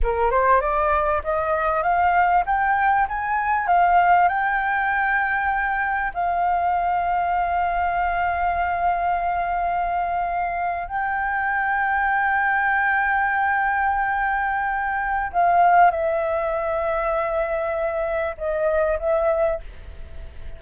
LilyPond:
\new Staff \with { instrumentName = "flute" } { \time 4/4 \tempo 4 = 98 ais'8 c''8 d''4 dis''4 f''4 | g''4 gis''4 f''4 g''4~ | g''2 f''2~ | f''1~ |
f''4.~ f''16 g''2~ g''16~ | g''1~ | g''4 f''4 e''2~ | e''2 dis''4 e''4 | }